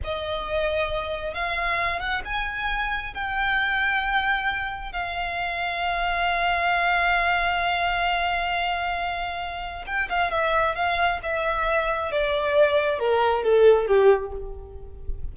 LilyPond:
\new Staff \with { instrumentName = "violin" } { \time 4/4 \tempo 4 = 134 dis''2. f''4~ | f''8 fis''8 gis''2 g''4~ | g''2. f''4~ | f''1~ |
f''1~ | f''2 g''8 f''8 e''4 | f''4 e''2 d''4~ | d''4 ais'4 a'4 g'4 | }